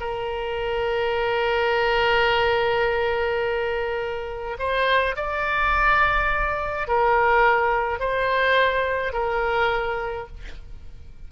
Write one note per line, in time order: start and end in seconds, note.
0.00 4.57 A#4
4.58 5.16 C5
5.16 6.88 D5
6.88 7.99 A#4
7.99 9.13 C5
9.13 10.27 A#4